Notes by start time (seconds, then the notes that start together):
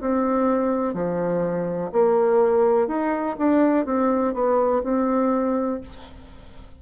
0.00 C4
0.93 F3
1.92 A#3
2.87 D#4
3.38 D4
3.85 C4
4.33 B3
4.83 C4